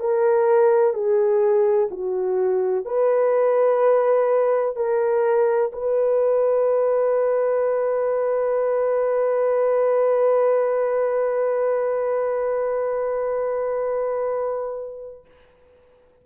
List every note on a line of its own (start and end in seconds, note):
0.00 0.94 A#4
0.94 1.89 G#4
1.91 2.86 F#4
2.86 4.76 B4
4.77 5.72 A#4
5.73 15.25 B4